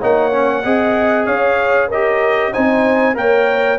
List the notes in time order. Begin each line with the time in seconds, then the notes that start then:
0.00 A#3 D#4 C#5 F#5
0.32 C#4
0.64 C4 G#4 D#5
1.26 C#4 C#5 F5
1.88 G4 A#4 D#5
2.53 C4 D#4 C5 G#5
3.15 A#3 A#4 C#5 G5